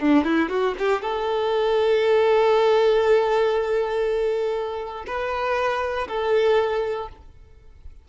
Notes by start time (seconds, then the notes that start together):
0.00 D4
0.25 E4
0.50 F#4
0.79 G4
1.02 A4
5.07 B4
6.08 A4